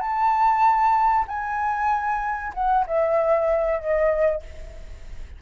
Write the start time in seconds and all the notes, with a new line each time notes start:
0.00 A5
1.28 G#5
2.54 F#5
2.87 E5
3.79 D#5